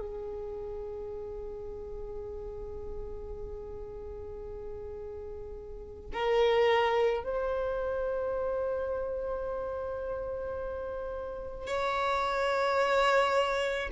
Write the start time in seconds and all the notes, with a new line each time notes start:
0.00 G#4
6.14 A#4
7.24 C5
11.68 C#5